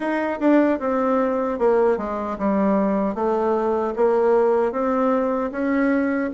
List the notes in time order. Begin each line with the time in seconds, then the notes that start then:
0.00 D#4
0.39 D4
0.79 C4
1.58 A#3
1.97 G#3
2.38 G3
3.14 A3
3.96 A#3
4.72 C4
5.51 C#4